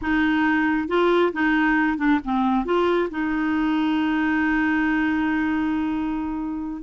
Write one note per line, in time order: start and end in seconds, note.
0.01 0.88 D#4
0.88 1.32 F4
1.33 1.97 D#4
1.97 2.19 D4
2.24 2.65 C4
2.65 3.09 F4
3.10 6.83 D#4